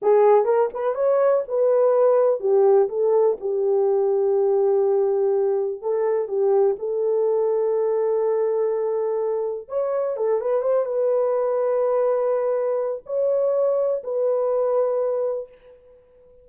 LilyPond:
\new Staff \with { instrumentName = "horn" } { \time 4/4 \tempo 4 = 124 gis'4 ais'8 b'8 cis''4 b'4~ | b'4 g'4 a'4 g'4~ | g'1 | a'4 g'4 a'2~ |
a'1 | cis''4 a'8 b'8 c''8 b'4.~ | b'2. cis''4~ | cis''4 b'2. | }